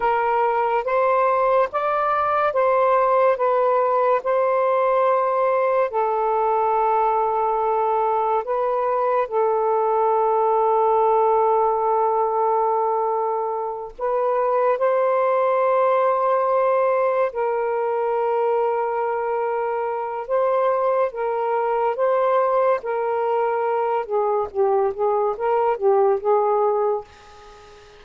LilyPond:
\new Staff \with { instrumentName = "saxophone" } { \time 4/4 \tempo 4 = 71 ais'4 c''4 d''4 c''4 | b'4 c''2 a'4~ | a'2 b'4 a'4~ | a'1~ |
a'8 b'4 c''2~ c''8~ | c''8 ais'2.~ ais'8 | c''4 ais'4 c''4 ais'4~ | ais'8 gis'8 g'8 gis'8 ais'8 g'8 gis'4 | }